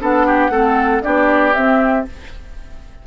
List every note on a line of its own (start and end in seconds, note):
0.00 0.50 B3
0.00 0.51 D4
0.00 0.27 A4
0.00 1.03 F#5
0.27 0.51 G4
0.50 1.01 A3
0.50 1.02 C4
0.50 1.03 A4
1.02 1.56 B3
1.02 1.53 D4
1.02 2.07 G4
1.02 1.54 D5
1.54 2.07 C4
1.54 2.05 E5